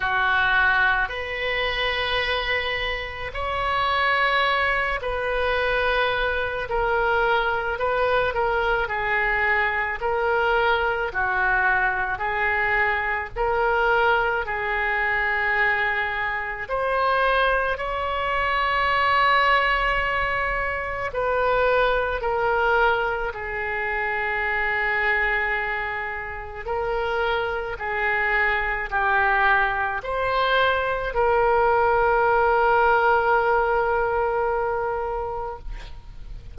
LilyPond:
\new Staff \with { instrumentName = "oboe" } { \time 4/4 \tempo 4 = 54 fis'4 b'2 cis''4~ | cis''8 b'4. ais'4 b'8 ais'8 | gis'4 ais'4 fis'4 gis'4 | ais'4 gis'2 c''4 |
cis''2. b'4 | ais'4 gis'2. | ais'4 gis'4 g'4 c''4 | ais'1 | }